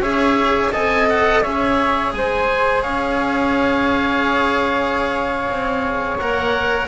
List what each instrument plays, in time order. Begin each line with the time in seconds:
0.00 double bass C#4, cello G#4, flute C#5, oboe E5
0.72 double bass C4, cello A4, flute D#5, oboe G#5
1.10 oboe F#5
1.42 double bass C#4, cello G#4, flute C#5, oboe E5
2.13 double bass G#3, flute C5, oboe G#5
2.82 double bass C#4, flute C#5, oboe F5
5.49 double bass C4
6.19 double bass A#3, cello A#4, oboe F#5